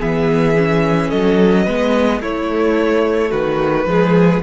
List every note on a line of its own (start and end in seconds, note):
0.00 1.12 E3
0.00 0.56 B3
0.00 1.09 G#4
0.00 1.10 E5
0.56 1.67 C#4
1.09 1.67 F#3
1.09 1.63 A4
1.09 2.21 D#5
1.63 2.20 G#3
1.63 2.23 B3
1.63 2.19 B4
2.20 3.31 A3
2.20 3.87 A3
2.20 3.30 E4
2.20 3.31 C#5
3.30 3.86 D#3
3.30 3.85 F#4
3.30 4.42 B4
3.86 4.41 F3
3.86 4.43 G#3
3.86 4.43 G#4